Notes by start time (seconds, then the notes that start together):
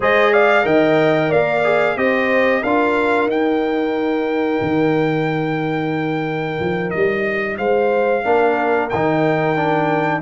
0.00 G#3 G#4 C5 D#5
0.32 D5 F5
0.62 D#3 A#4 D#5 G5
1.29 A#3 D5 F5
1.64 G#4
1.96 C4 G4 C5 D#5
2.62 D4 F4 A#4 F5
3.27 D#4 G5
4.61 D#3
6.59 F3
6.90 G3 D#5
7.57 G#3 C5 F5
8.24 A#3 D4 A#4
8.89 D#3 D#4 G5
9.56 D4